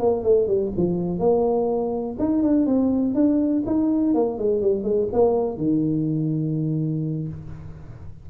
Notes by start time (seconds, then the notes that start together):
0.00 A#3
0.24 A3
0.48 G3
0.77 F3
1.20 A#3
2.19 D#4
2.43 D4
2.67 C4
3.15 D4
3.67 D#4
4.15 A#3
4.39 G#3
4.62 G3
4.84 G#3
5.13 A#3
5.58 D#3